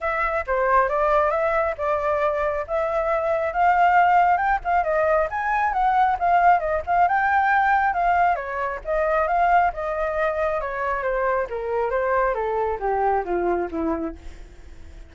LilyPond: \new Staff \with { instrumentName = "flute" } { \time 4/4 \tempo 4 = 136 e''4 c''4 d''4 e''4 | d''2 e''2 | f''2 g''8 f''8 dis''4 | gis''4 fis''4 f''4 dis''8 f''8 |
g''2 f''4 cis''4 | dis''4 f''4 dis''2 | cis''4 c''4 ais'4 c''4 | a'4 g'4 f'4 e'4 | }